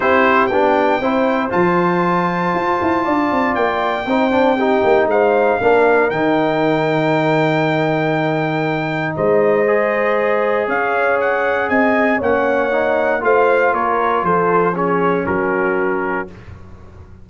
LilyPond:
<<
  \new Staff \with { instrumentName = "trumpet" } { \time 4/4 \tempo 4 = 118 c''4 g''2 a''4~ | a''2. g''4~ | g''2 f''2 | g''1~ |
g''2 dis''2~ | dis''4 f''4 fis''4 gis''4 | fis''2 f''4 cis''4 | c''4 cis''4 ais'2 | }
  \new Staff \with { instrumentName = "horn" } { \time 4/4 g'2 c''2~ | c''2 d''2 | c''4 g'4 c''4 ais'4~ | ais'1~ |
ais'2 c''2~ | c''4 cis''2 dis''4 | cis''2 c''4 ais'4 | a'4 gis'4 fis'2 | }
  \new Staff \with { instrumentName = "trombone" } { \time 4/4 e'4 d'4 e'4 f'4~ | f'1 | dis'8 d'8 dis'2 d'4 | dis'1~ |
dis'2. gis'4~ | gis'1 | cis'4 dis'4 f'2~ | f'4 cis'2. | }
  \new Staff \with { instrumentName = "tuba" } { \time 4/4 c'4 b4 c'4 f4~ | f4 f'8 e'8 d'8 c'8 ais4 | c'4. ais8 gis4 ais4 | dis1~ |
dis2 gis2~ | gis4 cis'2 c'4 | ais2 a4 ais4 | f2 fis2 | }
>>